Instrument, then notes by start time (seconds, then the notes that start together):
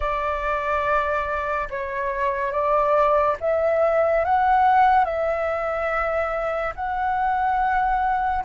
flute
0.00 D5
1.69 C#5
2.52 D5
3.40 E5
4.24 F#5
5.04 E5
6.75 F#5